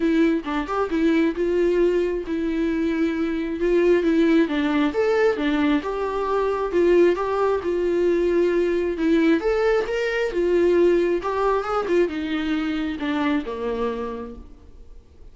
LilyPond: \new Staff \with { instrumentName = "viola" } { \time 4/4 \tempo 4 = 134 e'4 d'8 g'8 e'4 f'4~ | f'4 e'2. | f'4 e'4 d'4 a'4 | d'4 g'2 f'4 |
g'4 f'2. | e'4 a'4 ais'4 f'4~ | f'4 g'4 gis'8 f'8 dis'4~ | dis'4 d'4 ais2 | }